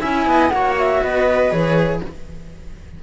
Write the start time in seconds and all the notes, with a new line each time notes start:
0.00 C#4 E4 E5 G#5
0.26 B3 D#5
0.48 A#3 F#4 C#5 F#5
0.78 E5
1.02 B3 B4 D#5
1.51 E3 G#4 C#5